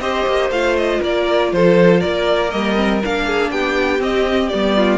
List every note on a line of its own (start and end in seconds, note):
0.00 0.26 C4
0.00 0.51 G4
0.00 1.00 C5
0.00 0.50 D#5
0.26 0.50 A#3
0.50 1.00 A3
0.50 2.50 F4
0.50 0.76 F5
0.77 1.02 D#5
1.00 1.52 A#3
1.00 1.50 A#4
1.00 1.52 D5
1.52 2.02 F3
1.52 2.00 A4
1.52 2.01 C5
2.00 2.53 A#3
2.00 3.25 A#4
2.00 2.50 D5
2.50 3.03 G3
2.50 2.75 A#3
2.50 3.00 D#5
2.75 3.00 C4
3.03 3.50 A#3
3.03 4.00 D4
3.03 3.51 F5
3.26 3.51 G#4
3.50 4.00 B3
3.50 4.77 G4
3.50 4.01 G5
4.00 4.50 C4
4.00 4.49 D#5
4.49 4.98 G3
4.49 4.98 B3
4.49 4.98 D5
4.77 4.98 F4